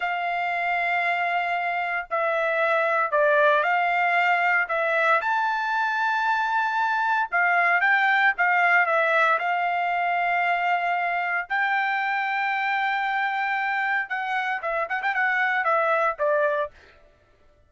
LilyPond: \new Staff \with { instrumentName = "trumpet" } { \time 4/4 \tempo 4 = 115 f''1 | e''2 d''4 f''4~ | f''4 e''4 a''2~ | a''2 f''4 g''4 |
f''4 e''4 f''2~ | f''2 g''2~ | g''2. fis''4 | e''8 fis''16 g''16 fis''4 e''4 d''4 | }